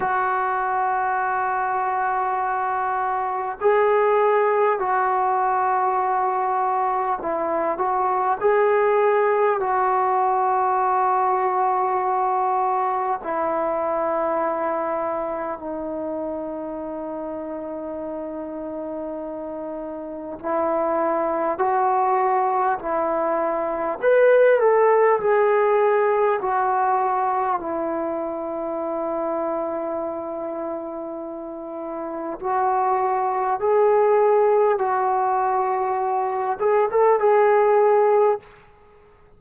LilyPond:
\new Staff \with { instrumentName = "trombone" } { \time 4/4 \tempo 4 = 50 fis'2. gis'4 | fis'2 e'8 fis'8 gis'4 | fis'2. e'4~ | e'4 dis'2.~ |
dis'4 e'4 fis'4 e'4 | b'8 a'8 gis'4 fis'4 e'4~ | e'2. fis'4 | gis'4 fis'4. gis'16 a'16 gis'4 | }